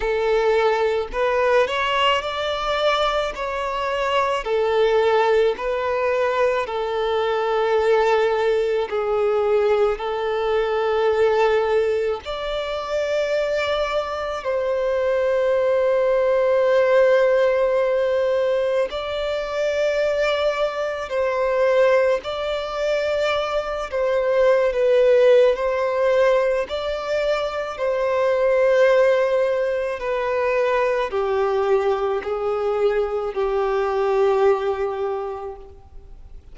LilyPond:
\new Staff \with { instrumentName = "violin" } { \time 4/4 \tempo 4 = 54 a'4 b'8 cis''8 d''4 cis''4 | a'4 b'4 a'2 | gis'4 a'2 d''4~ | d''4 c''2.~ |
c''4 d''2 c''4 | d''4. c''8. b'8. c''4 | d''4 c''2 b'4 | g'4 gis'4 g'2 | }